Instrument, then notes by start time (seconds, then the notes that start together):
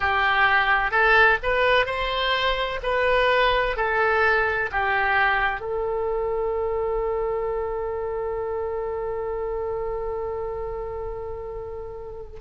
oboe
0.00 G4
0.91 A4
1.42 B4
1.86 C5
2.82 B4
3.76 A4
4.71 G4
5.60 A4